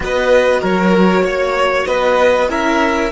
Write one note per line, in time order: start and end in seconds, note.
0.00 0.61 B3
0.00 2.47 F#4
0.00 0.60 B4
0.00 0.63 D#5
0.60 1.22 F#3
0.60 1.23 A#4
0.60 1.85 C#5
1.22 1.84 A#3
1.22 1.87 C#5
1.85 2.49 B3
1.85 2.49 B4
1.85 2.48 D#5
2.48 3.11 C#4
2.48 3.11 E4
2.48 3.11 A#4
2.48 3.11 E5